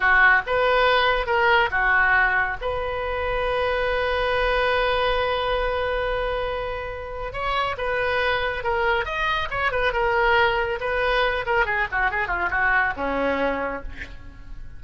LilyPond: \new Staff \with { instrumentName = "oboe" } { \time 4/4 \tempo 4 = 139 fis'4 b'2 ais'4 | fis'2 b'2~ | b'1~ | b'1~ |
b'4 cis''4 b'2 | ais'4 dis''4 cis''8 b'8 ais'4~ | ais'4 b'4. ais'8 gis'8 fis'8 | gis'8 f'8 fis'4 cis'2 | }